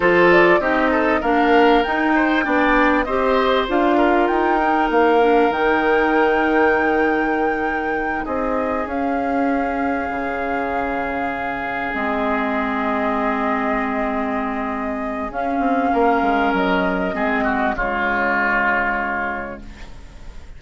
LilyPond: <<
  \new Staff \with { instrumentName = "flute" } { \time 4/4 \tempo 4 = 98 c''8 d''8 dis''4 f''4 g''4~ | g''4 dis''4 f''4 g''4 | f''4 g''2.~ | g''4. dis''4 f''4.~ |
f''2.~ f''8 dis''8~ | dis''1~ | dis''4 f''2 dis''4~ | dis''4 cis''2. | }
  \new Staff \with { instrumentName = "oboe" } { \time 4/4 a'4 g'8 a'8 ais'4. c''8 | d''4 c''4. ais'4.~ | ais'1~ | ais'4. gis'2~ gis'8~ |
gis'1~ | gis'1~ | gis'2 ais'2 | gis'8 fis'8 f'2. | }
  \new Staff \with { instrumentName = "clarinet" } { \time 4/4 f'4 dis'4 d'4 dis'4 | d'4 g'4 f'4. dis'8~ | dis'8 d'8 dis'2.~ | dis'2~ dis'8 cis'4.~ |
cis'2.~ cis'8 c'8~ | c'1~ | c'4 cis'2. | c'4 gis2. | }
  \new Staff \with { instrumentName = "bassoon" } { \time 4/4 f4 c'4 ais4 dis'4 | b4 c'4 d'4 dis'4 | ais4 dis2.~ | dis4. c'4 cis'4.~ |
cis'8 cis2. gis8~ | gis1~ | gis4 cis'8 c'8 ais8 gis8 fis4 | gis4 cis2. | }
>>